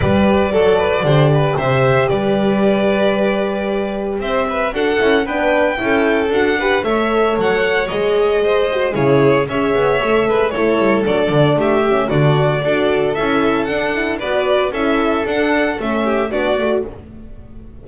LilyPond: <<
  \new Staff \with { instrumentName = "violin" } { \time 4/4 \tempo 4 = 114 d''2. e''4 | d''1 | e''4 fis''4 g''2 | fis''4 e''4 fis''4 dis''4~ |
dis''4 cis''4 e''2 | cis''4 d''4 e''4 d''4~ | d''4 e''4 fis''4 d''4 | e''4 fis''4 e''4 d''4 | }
  \new Staff \with { instrumentName = "violin" } { \time 4/4 b'4 a'8 b'8 c''8 b'8 c''4 | b'1 | c''8 b'8 a'4 b'4 a'4~ | a'8 b'8 cis''2. |
c''4 gis'4 cis''4. b'8 | a'2 g'4 fis'4 | a'2. b'4 | a'2~ a'8 g'8 fis'4 | }
  \new Staff \with { instrumentName = "horn" } { \time 4/4 g'4 a'4 g'2~ | g'1~ | g'4 fis'8 e'8 d'4 e'4 | fis'8 g'8 a'2 gis'4~ |
gis'8 fis'8 e'4 gis'4 a'4 | e'4 d'4. cis'8 d'4 | fis'4 e'4 d'8 e'8 fis'4 | e'4 d'4 cis'4 d'8 fis'8 | }
  \new Staff \with { instrumentName = "double bass" } { \time 4/4 g4 fis4 d4 c4 | g1 | c'4 d'8 cis'8 b4 cis'4 | d'4 a4 fis4 gis4~ |
gis4 cis4 cis'8 b8 a8 gis8 | a8 g8 fis8 d8 a4 d4 | d'4 cis'4 d'4 b4 | cis'4 d'4 a4 b8 a8 | }
>>